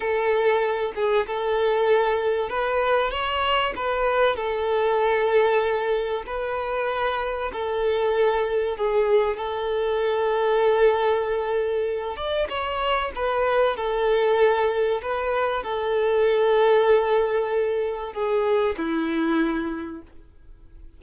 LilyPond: \new Staff \with { instrumentName = "violin" } { \time 4/4 \tempo 4 = 96 a'4. gis'8 a'2 | b'4 cis''4 b'4 a'4~ | a'2 b'2 | a'2 gis'4 a'4~ |
a'2.~ a'8 d''8 | cis''4 b'4 a'2 | b'4 a'2.~ | a'4 gis'4 e'2 | }